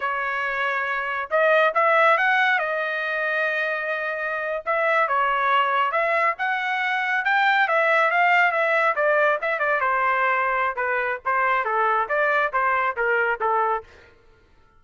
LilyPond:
\new Staff \with { instrumentName = "trumpet" } { \time 4/4 \tempo 4 = 139 cis''2. dis''4 | e''4 fis''4 dis''2~ | dis''2~ dis''8. e''4 cis''16~ | cis''4.~ cis''16 e''4 fis''4~ fis''16~ |
fis''8. g''4 e''4 f''4 e''16~ | e''8. d''4 e''8 d''8 c''4~ c''16~ | c''4 b'4 c''4 a'4 | d''4 c''4 ais'4 a'4 | }